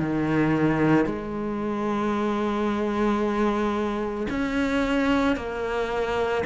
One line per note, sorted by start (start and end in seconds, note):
0.00 1.06 D#3
1.06 4.27 G#3
4.30 5.36 C#4
5.36 6.43 A#3